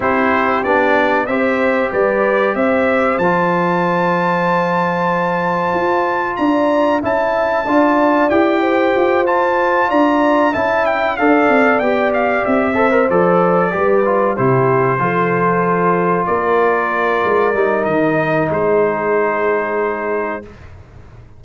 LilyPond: <<
  \new Staff \with { instrumentName = "trumpet" } { \time 4/4 \tempo 4 = 94 c''4 d''4 e''4 d''4 | e''4 a''2.~ | a''2 ais''4 a''4~ | a''4 g''4. a''4 ais''8~ |
ais''8 a''8 g''8 f''4 g''8 f''8 e''8~ | e''8 d''2 c''4.~ | c''4. d''2~ d''8 | dis''4 c''2. | }
  \new Staff \with { instrumentName = "horn" } { \time 4/4 g'2 c''4 b'4 | c''1~ | c''2 d''4 e''4 | d''4. c''2 d''8~ |
d''8 e''4 d''2~ d''8 | c''4. b'4 g'4 a'8~ | a'4. ais'2~ ais'8~ | ais'4 gis'2. | }
  \new Staff \with { instrumentName = "trombone" } { \time 4/4 e'4 d'4 g'2~ | g'4 f'2.~ | f'2. e'4 | f'4 g'4. f'4.~ |
f'8 e'4 a'4 g'4. | a'16 ais'16 a'4 g'8 f'8 e'4 f'8~ | f'2.~ f'8 dis'8~ | dis'1 | }
  \new Staff \with { instrumentName = "tuba" } { \time 4/4 c'4 b4 c'4 g4 | c'4 f2.~ | f4 f'4 d'4 cis'4 | d'4 e'4 f'4. d'8~ |
d'8 cis'4 d'8 c'8 b4 c'8~ | c'8 f4 g4 c4 f8~ | f4. ais4. gis8 g8 | dis4 gis2. | }
>>